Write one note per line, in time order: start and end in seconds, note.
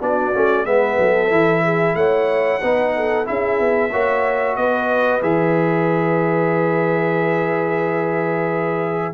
0.00 0.34 B3
0.00 0.33 D4
0.00 0.67 F#4
0.00 0.65 D5
0.33 0.65 A3
0.33 0.65 C#4
0.65 0.98 G#3
0.65 1.30 B3
0.65 0.99 B4
0.65 1.96 E5
0.99 1.31 F#3
0.99 1.63 A4
1.30 1.94 E3
1.30 2.60 E4
1.63 1.96 G#4
1.94 2.60 A3
1.94 2.61 C#5
1.94 3.26 F#5
2.61 3.28 B3
2.61 3.25 D#4
2.61 2.94 B4
2.96 3.28 A4
3.25 3.60 C#4
3.25 3.90 E4
3.25 3.91 G#4
3.25 4.56 E5
3.60 3.92 B3
3.91 4.57 A#3
3.91 5.22 F#4
3.91 4.56 C#5
4.56 5.22 B3
4.56 9.13 B4
4.56 5.21 D#5
5.22 9.13 E3
5.22 9.13 G#4
5.22 9.13 E5